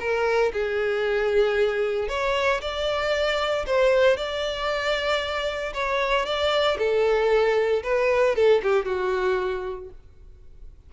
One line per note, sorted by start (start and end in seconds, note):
0.00 0.52 A#4
0.53 2.09 G#4
2.09 2.61 C#5
2.61 3.65 D5
3.66 4.17 C5
4.17 5.73 D5
5.74 6.25 C#5
6.25 6.78 D5
6.78 7.83 A4
7.83 8.35 B4
8.36 8.62 A4
8.63 8.85 G4
8.85 9.89 F#4